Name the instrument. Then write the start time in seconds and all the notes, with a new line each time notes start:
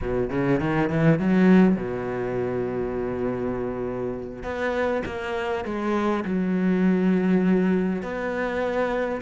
cello
0.01 B2
0.30 C#3
0.59 D#3
0.89 E3
1.19 F#3
1.76 B2
4.43 B3
5.05 A#3
5.64 G#3
6.24 F#3
8.02 B3